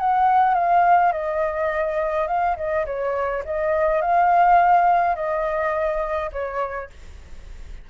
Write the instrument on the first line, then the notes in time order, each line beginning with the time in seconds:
flute
0.00 F#5
0.55 F5
1.12 D#5
2.28 F5
2.57 D#5
2.86 C#5
3.45 D#5
4.02 F5
5.16 D#5
6.33 C#5